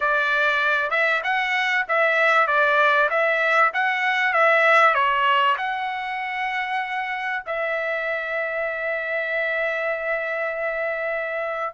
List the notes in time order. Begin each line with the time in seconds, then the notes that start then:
0.00 D5
0.90 E5
1.23 F#5
1.88 E5
2.47 D5
3.09 E5
3.73 F#5
4.33 E5
4.94 C#5
5.57 F#5
7.46 E5